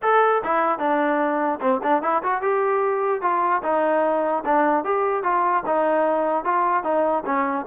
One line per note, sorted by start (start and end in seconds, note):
0.02 0.42 A4
0.43 0.79 E4
0.79 1.59 D4
1.60 1.80 C4
1.83 2.02 D4
2.02 2.22 E4
2.23 2.41 F#4
2.41 3.21 G4
3.21 3.61 F4
3.62 4.43 D#4
4.44 4.84 D4
4.84 5.23 G4
5.23 5.63 F4
5.66 6.44 D#4
6.44 6.83 F4
6.83 7.23 D#4
7.25 7.65 C#4